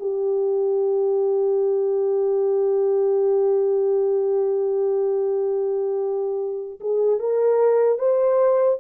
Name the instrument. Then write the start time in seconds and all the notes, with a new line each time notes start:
horn
0.00 G4
6.80 G#4
7.20 A#4
7.99 C5